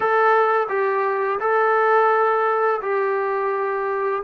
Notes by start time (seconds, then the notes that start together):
0.00 A4
0.68 G4
1.39 A4
2.81 G4